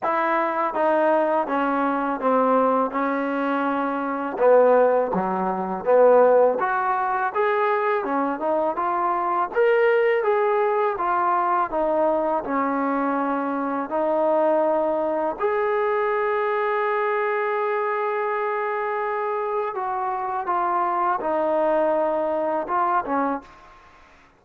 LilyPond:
\new Staff \with { instrumentName = "trombone" } { \time 4/4 \tempo 4 = 82 e'4 dis'4 cis'4 c'4 | cis'2 b4 fis4 | b4 fis'4 gis'4 cis'8 dis'8 | f'4 ais'4 gis'4 f'4 |
dis'4 cis'2 dis'4~ | dis'4 gis'2.~ | gis'2. fis'4 | f'4 dis'2 f'8 cis'8 | }